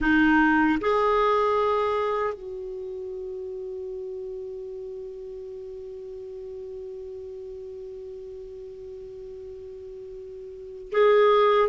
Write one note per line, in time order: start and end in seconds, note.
0.00 0.78 D#4
0.80 2.33 G#4
2.33 10.91 F#4
10.91 11.69 G#4